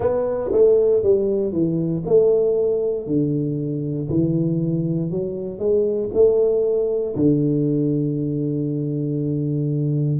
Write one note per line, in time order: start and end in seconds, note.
0.00 0.51 B3
0.52 1.02 A3
1.02 1.52 G3
1.52 2.03 E3
2.05 3.06 A3
3.06 4.08 D3
4.09 5.10 E3
5.10 5.58 F#3
5.58 6.09 G#3
6.13 7.15 A3
7.15 10.19 D3